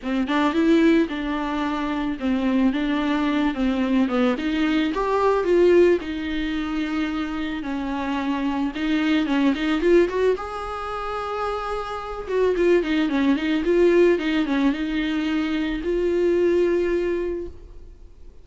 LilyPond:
\new Staff \with { instrumentName = "viola" } { \time 4/4 \tempo 4 = 110 c'8 d'8 e'4 d'2 | c'4 d'4. c'4 b8 | dis'4 g'4 f'4 dis'4~ | dis'2 cis'2 |
dis'4 cis'8 dis'8 f'8 fis'8 gis'4~ | gis'2~ gis'8 fis'8 f'8 dis'8 | cis'8 dis'8 f'4 dis'8 cis'8 dis'4~ | dis'4 f'2. | }